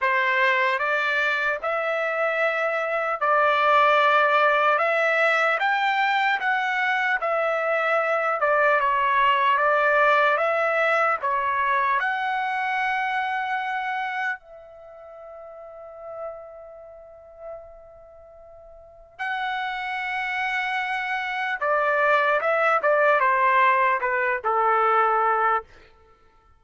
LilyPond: \new Staff \with { instrumentName = "trumpet" } { \time 4/4 \tempo 4 = 75 c''4 d''4 e''2 | d''2 e''4 g''4 | fis''4 e''4. d''8 cis''4 | d''4 e''4 cis''4 fis''4~ |
fis''2 e''2~ | e''1 | fis''2. d''4 | e''8 d''8 c''4 b'8 a'4. | }